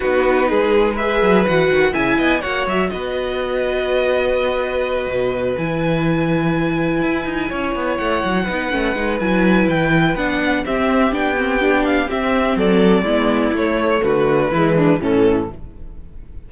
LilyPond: <<
  \new Staff \with { instrumentName = "violin" } { \time 4/4 \tempo 4 = 124 b'2 e''4 fis''4 | gis''4 fis''8 e''8 dis''2~ | dis''2.~ dis''8 gis''8~ | gis''1~ |
gis''8 fis''2~ fis''8 gis''4 | g''4 fis''4 e''4 g''4~ | g''8 f''8 e''4 d''2 | cis''4 b'2 a'4 | }
  \new Staff \with { instrumentName = "violin" } { \time 4/4 fis'4 gis'4 b'2 | e''8 dis''8 cis''4 b'2~ | b'1~ | b'2.~ b'8 cis''8~ |
cis''4. b'2~ b'8~ | b'2 g'2~ | g'2 a'4 e'4~ | e'4 fis'4 e'8 d'8 cis'4 | }
  \new Staff \with { instrumentName = "viola" } { \time 4/4 dis'2 gis'4 fis'4 | e'4 fis'2.~ | fis'2.~ fis'8 e'8~ | e'1~ |
e'4. dis'8 cis'8 dis'8 e'4~ | e'4 d'4 c'4 d'8 c'8 | d'4 c'2 b4 | a2 gis4 e4 | }
  \new Staff \with { instrumentName = "cello" } { \time 4/4 b4 gis4. fis8 e8 dis8 | cis8 b8 ais8 fis8 b2~ | b2~ b8 b,4 e8~ | e2~ e8 e'8 dis'8 cis'8 |
b8 a8 fis8 b8 a8 gis8 fis4 | e4 b4 c'4 b4~ | b4 c'4 fis4 gis4 | a4 d4 e4 a,4 | }
>>